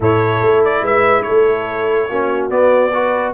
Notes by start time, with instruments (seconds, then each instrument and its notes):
0.00 tuba A2, trombone E4, horn A4, trumpet C#5
0.41 tuba A3
0.64 trumpet D5
0.82 tuba G#3, horn B4, trumpet E5
1.22 horn A4, trumpet C#5
1.29 tuba A3
2.09 tuba A#3, trombone C#4, horn F#4
2.50 trombone B3, tuba B3, trumpet D5
2.92 trombone F#4, horn B4